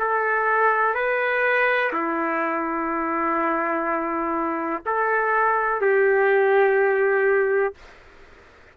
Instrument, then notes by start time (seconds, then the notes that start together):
trumpet
0.00 A4
0.95 B4
1.93 E4
4.86 A4
5.82 G4